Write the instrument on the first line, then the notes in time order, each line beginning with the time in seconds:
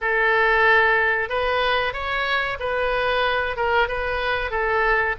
oboe
0.01 A4
1.29 B4
1.93 C#5
2.59 B4
3.56 A#4
3.87 B4
4.50 A4